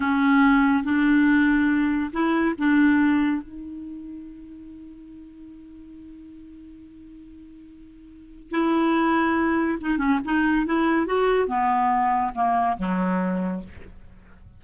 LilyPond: \new Staff \with { instrumentName = "clarinet" } { \time 4/4 \tempo 4 = 141 cis'2 d'2~ | d'4 e'4 d'2 | dis'1~ | dis'1~ |
dis'1 | e'2. dis'8 cis'8 | dis'4 e'4 fis'4 b4~ | b4 ais4 fis2 | }